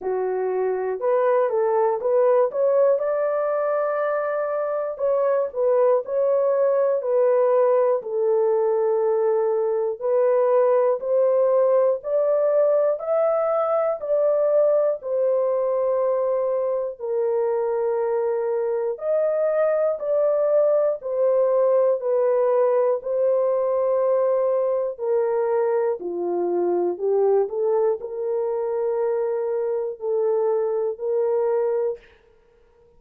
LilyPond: \new Staff \with { instrumentName = "horn" } { \time 4/4 \tempo 4 = 60 fis'4 b'8 a'8 b'8 cis''8 d''4~ | d''4 cis''8 b'8 cis''4 b'4 | a'2 b'4 c''4 | d''4 e''4 d''4 c''4~ |
c''4 ais'2 dis''4 | d''4 c''4 b'4 c''4~ | c''4 ais'4 f'4 g'8 a'8 | ais'2 a'4 ais'4 | }